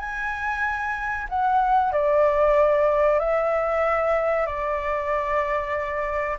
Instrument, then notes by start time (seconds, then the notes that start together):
flute
0.00 G#5
1.29 F#5
1.93 D5
3.20 E5
4.47 D5